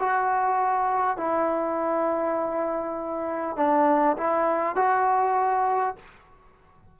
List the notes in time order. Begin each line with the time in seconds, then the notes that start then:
0.00 F#4
1.18 E4
3.57 D4
4.18 E4
4.76 F#4